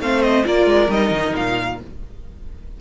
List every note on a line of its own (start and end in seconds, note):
0.00 0.44 A3
0.00 0.45 C4
0.00 0.46 C5
0.00 0.22 F5
0.22 0.45 D#5
0.45 0.66 A#3
0.45 0.89 F4
0.45 1.79 A#4
0.45 0.91 D5
0.66 0.88 G#3
0.89 1.11 G3
0.89 1.79 D#4
0.89 1.35 D#5
1.11 1.33 D#3
1.36 1.81 A#2
1.36 1.80 F5